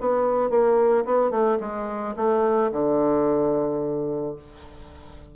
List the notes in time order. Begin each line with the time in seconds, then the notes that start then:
0.00 B3
0.50 A#3
1.05 B3
1.31 A3
1.60 G#3
2.16 A3
2.72 D3